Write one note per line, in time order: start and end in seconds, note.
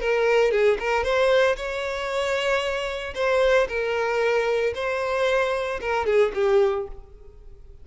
0.00 0.51 A#4
0.51 0.77 G#4
0.79 1.03 A#4
1.03 1.56 C5
1.56 3.14 C#5
3.14 3.67 C5
3.68 4.73 A#4
4.74 5.79 C5
5.81 6.06 A#4
6.06 6.32 G#4
6.34 6.87 G4